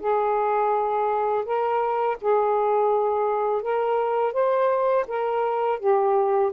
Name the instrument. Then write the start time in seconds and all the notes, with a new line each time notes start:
saxophone
0.00 G#4
1.45 A#4
2.21 G#4
3.62 A#4
4.33 C5
5.08 A#4
5.79 G4